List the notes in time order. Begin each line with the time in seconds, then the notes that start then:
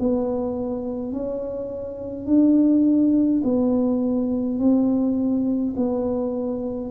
0.00 B3
1.13 C#4
2.27 D4
3.44 B3
4.59 C4
5.77 B3